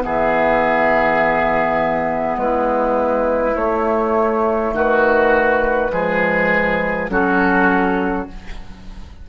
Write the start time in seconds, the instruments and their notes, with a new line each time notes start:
0.00 bassoon E3, clarinet B3, oboe G#4, flute E5
2.37 bassoon G#3, oboe E4, flute B4
3.56 bassoon A3, clarinet A3, flute C#5
4.73 bassoon D#3, oboe F#4, flute B4
5.90 bassoon F3, clarinet G#3, oboe G#4
7.10 bassoon F#3, clarinet C#4, oboe F#4, flute A4